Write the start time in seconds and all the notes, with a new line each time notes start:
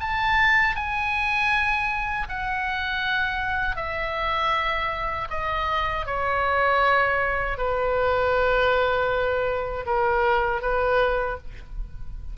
0.00 A5
0.76 G#5
2.29 F#5
3.76 E5
5.30 D#5
6.06 C#5
7.57 B4
9.86 A#4
10.62 B4